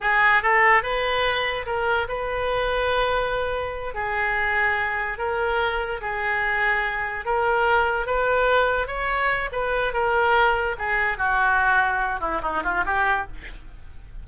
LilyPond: \new Staff \with { instrumentName = "oboe" } { \time 4/4 \tempo 4 = 145 gis'4 a'4 b'2 | ais'4 b'2.~ | b'4. gis'2~ gis'8~ | gis'8 ais'2 gis'4.~ |
gis'4. ais'2 b'8~ | b'4. cis''4. b'4 | ais'2 gis'4 fis'4~ | fis'4. e'8 dis'8 f'8 g'4 | }